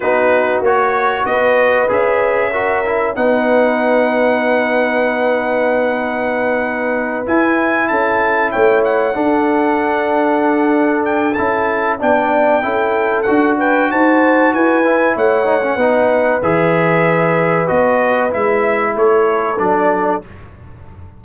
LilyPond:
<<
  \new Staff \with { instrumentName = "trumpet" } { \time 4/4 \tempo 4 = 95 b'4 cis''4 dis''4 e''4~ | e''4 fis''2.~ | fis''2.~ fis''8 gis''8~ | gis''8 a''4 g''8 fis''2~ |
fis''4. g''8 a''4 g''4~ | g''4 fis''8 g''8 a''4 gis''4 | fis''2 e''2 | dis''4 e''4 cis''4 d''4 | }
  \new Staff \with { instrumentName = "horn" } { \time 4/4 fis'2 b'2 | ais'4 b'2.~ | b'1~ | b'8 a'4 cis''4 a'4.~ |
a'2. d''4 | a'4. b'8 c''4 b'4 | cis''4 b'2.~ | b'2 a'2 | }
  \new Staff \with { instrumentName = "trombone" } { \time 4/4 dis'4 fis'2 gis'4 | fis'8 e'8 dis'2.~ | dis'2.~ dis'8 e'8~ | e'2~ e'8 d'4.~ |
d'2 e'4 d'4 | e'4 fis'2~ fis'8 e'8~ | e'8 dis'16 cis'16 dis'4 gis'2 | fis'4 e'2 d'4 | }
  \new Staff \with { instrumentName = "tuba" } { \time 4/4 b4 ais4 b4 cis'4~ | cis'4 b2.~ | b2.~ b8 e'8~ | e'8 cis'4 a4 d'4.~ |
d'2 cis'4 b4 | cis'4 d'4 dis'4 e'4 | a4 b4 e2 | b4 gis4 a4 fis4 | }
>>